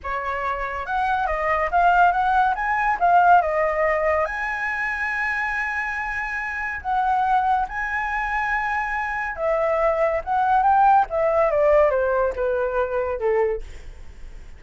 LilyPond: \new Staff \with { instrumentName = "flute" } { \time 4/4 \tempo 4 = 141 cis''2 fis''4 dis''4 | f''4 fis''4 gis''4 f''4 | dis''2 gis''2~ | gis''1 |
fis''2 gis''2~ | gis''2 e''2 | fis''4 g''4 e''4 d''4 | c''4 b'2 a'4 | }